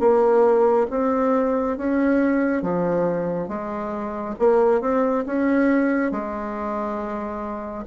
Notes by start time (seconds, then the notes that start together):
0.00 A#3
0.91 C4
1.78 C#4
2.63 F3
3.49 G#3
4.40 A#3
4.81 C4
5.26 C#4
6.12 G#3